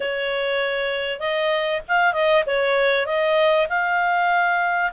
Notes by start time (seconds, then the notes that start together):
0.00 C#5
1.19 D#5
1.88 F5
2.13 D#5
2.46 C#5
3.06 D#5
3.69 F5